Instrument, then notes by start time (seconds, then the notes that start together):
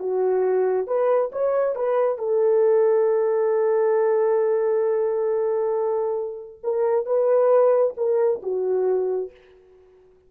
horn
0.00 F#4
0.87 B4
1.33 C#5
1.76 B4
2.19 A4
6.64 A#4
7.06 B4
7.98 A#4
8.43 F#4